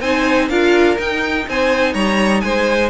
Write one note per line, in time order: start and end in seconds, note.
0.00 0.48 C4
0.00 0.50 D#4
0.00 0.49 C5
0.00 0.48 G#5
0.48 0.97 D4
0.48 0.96 F4
0.48 1.46 A#4
0.48 0.97 F5
0.96 2.90 D#4
0.96 1.47 D#4
0.96 1.48 G5
1.47 1.94 C4
1.47 1.93 C5
1.47 1.93 G#5
1.93 2.42 G3
1.93 2.41 C#5
1.93 2.40 A#5
2.40 2.90 G#3
2.40 2.90 C5
2.40 2.89 G#5